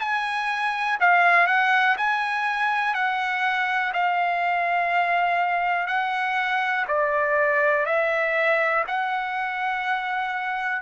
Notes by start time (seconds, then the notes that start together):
0.00 G#5
1.01 F5
1.48 F#5
1.98 G#5
2.95 F#5
3.93 F5
5.87 F#5
6.88 D5
7.86 E5
8.88 F#5